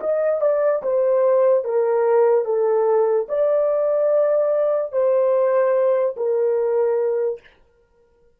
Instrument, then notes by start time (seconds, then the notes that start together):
horn
0.00 D#5
0.41 D5
0.82 C5
1.64 A#4
2.45 A4
3.28 D5
4.92 C5
6.16 A#4